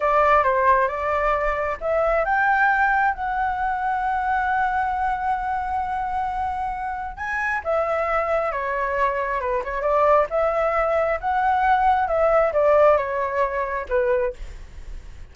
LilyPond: \new Staff \with { instrumentName = "flute" } { \time 4/4 \tempo 4 = 134 d''4 c''4 d''2 | e''4 g''2 fis''4~ | fis''1~ | fis''1 |
gis''4 e''2 cis''4~ | cis''4 b'8 cis''8 d''4 e''4~ | e''4 fis''2 e''4 | d''4 cis''2 b'4 | }